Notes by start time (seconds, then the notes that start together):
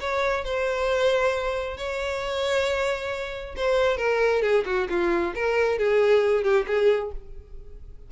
0.00 C#5
0.44 C5
1.77 C#5
3.56 C5
3.97 A#4
4.42 G#4
4.66 F#4
4.90 F4
5.35 A#4
5.78 G#4
6.44 G4
6.67 G#4